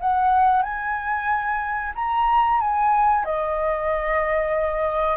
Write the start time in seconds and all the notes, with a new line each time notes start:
0.00 F#5
0.62 G#5
1.95 A#5
2.60 G#5
3.25 D#5